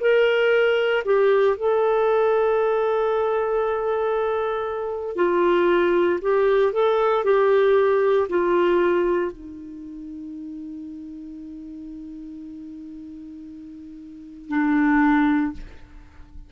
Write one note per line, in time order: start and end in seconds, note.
0.00 1.03 A#4
1.05 1.57 G4
1.57 5.16 A4
5.16 6.19 F4
6.22 6.72 G4
6.72 7.24 A4
7.24 8.28 G4
8.29 9.32 F4
9.32 14.49 D#4
14.49 15.52 D4